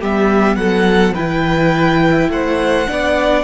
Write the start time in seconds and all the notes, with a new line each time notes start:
0.00 G3 B3 G4 E5
0.56 F#3 A4 F#5
1.14 E3 E4 B4 G5
2.29 A3 C5 F#5
2.87 B3 D4 D5